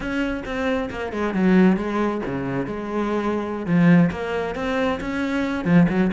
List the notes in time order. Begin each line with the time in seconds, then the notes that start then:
0.00 C#4
0.45 C4
0.90 A#3
1.12 G#3
1.34 F#3
1.77 G#3
2.26 C#3
2.66 G#3
3.65 F3
4.11 A#3
4.55 C4
5.00 C#4
5.64 F3
5.88 F#3